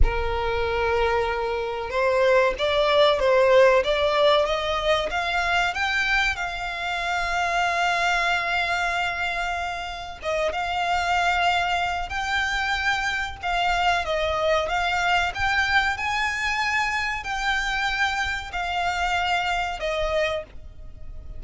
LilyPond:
\new Staff \with { instrumentName = "violin" } { \time 4/4 \tempo 4 = 94 ais'2. c''4 | d''4 c''4 d''4 dis''4 | f''4 g''4 f''2~ | f''1 |
dis''8 f''2~ f''8 g''4~ | g''4 f''4 dis''4 f''4 | g''4 gis''2 g''4~ | g''4 f''2 dis''4 | }